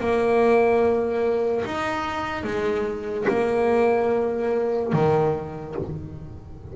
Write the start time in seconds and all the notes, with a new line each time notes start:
0.00 A#3
1.66 D#4
2.44 G#3
3.29 A#3
4.93 D#3